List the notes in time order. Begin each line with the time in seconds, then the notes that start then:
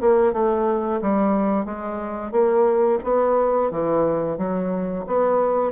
0.00 A#3
0.33 A3
1.01 G3
1.65 G#3
2.31 A#3
3.03 B3
3.70 E3
4.37 F#3
5.07 B3